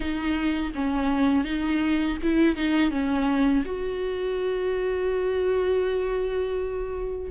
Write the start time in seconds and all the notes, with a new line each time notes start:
0.00 D#4
0.75 C#4
1.44 D#4
2.22 E4
2.56 D#4
2.90 C#4
3.65 F#4